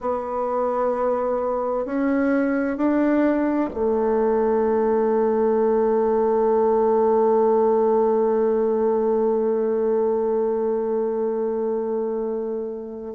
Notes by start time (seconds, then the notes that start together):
0.00 B3
1.85 C#4
2.77 D4
3.73 A3